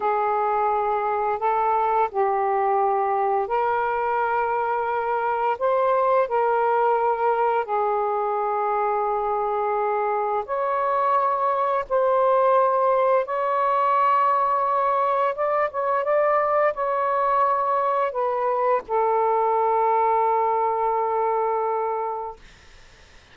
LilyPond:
\new Staff \with { instrumentName = "saxophone" } { \time 4/4 \tempo 4 = 86 gis'2 a'4 g'4~ | g'4 ais'2. | c''4 ais'2 gis'4~ | gis'2. cis''4~ |
cis''4 c''2 cis''4~ | cis''2 d''8 cis''8 d''4 | cis''2 b'4 a'4~ | a'1 | }